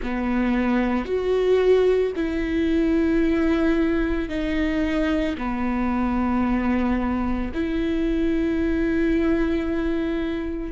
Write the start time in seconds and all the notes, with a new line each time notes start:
0.02 B3
1.05 F#4
2.15 E4
4.29 D#4
5.37 B3
7.53 E4